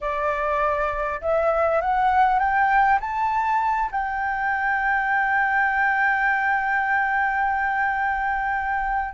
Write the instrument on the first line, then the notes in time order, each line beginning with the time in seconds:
flute
0.00 D5
1.21 E5
1.81 F#5
2.39 G5
3.00 A5
3.91 G5